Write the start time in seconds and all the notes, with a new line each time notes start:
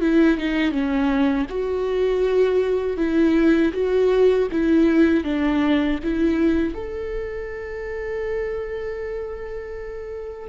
0.00 E4
0.37 D#4
0.71 C#4
1.49 F#4
2.97 E4
3.73 F#4
4.51 E4
5.24 D4
6.03 E4
6.74 A4